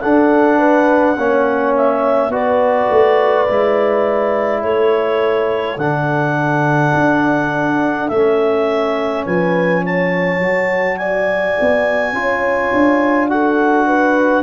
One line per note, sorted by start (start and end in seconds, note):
0.00 1.16 D4
0.00 1.17 D4
0.00 0.58 A4
0.00 1.73 F#5
0.58 1.16 B4
1.17 2.29 A#3
1.17 2.31 C#4
1.17 2.33 C#5
1.76 2.32 E5
2.29 2.86 B3
2.29 3.46 F#4
2.29 4.62 B4
2.29 4.62 D5
2.90 3.48 A3
3.47 4.63 G#3
3.47 5.78 E4
4.62 5.76 A3
4.62 9.23 A4
4.62 5.78 C#5
5.76 6.92 D3
5.76 8.11 D4
5.76 8.08 F#5
6.94 8.09 D4
8.08 9.25 A3
8.08 10.41 C#4
8.08 9.24 E5
9.25 10.39 F3
9.25 9.82 B4
9.25 9.83 G#5
9.83 10.98 C#5
9.83 10.97 A5
10.39 11.55 F#3
10.39 12.14 F#4
10.97 12.14 D5
10.97 13.28 G#5
11.60 12.12 B3
12.12 12.70 C#4
12.12 13.29 F4
12.12 13.30 C#5
12.73 14.43 D4
13.28 14.43 F#4
13.28 13.86 A4
13.28 14.43 F#5
13.86 14.43 B4